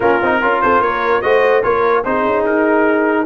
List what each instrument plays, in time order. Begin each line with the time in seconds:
0.00 tuba A#3, trombone C#4, horn F4, trumpet A#4
0.22 tuba C4, trombone D#4
0.40 tuba C#4, trombone F4, horn A#4
0.61 tuba C4, horn A4, trumpet C5
0.80 tuba A#3, horn A#4, trumpet C#5
1.21 tuba A3, trombone F#4, horn C5, trumpet D#5
1.62 tuba A#3, trombone F4, horn A#4, trumpet C#5
2.04 tuba C4, trombone D#4, horn G#4, trumpet C5
2.25 tuba C#4
2.44 tuba D#4, trumpet A#4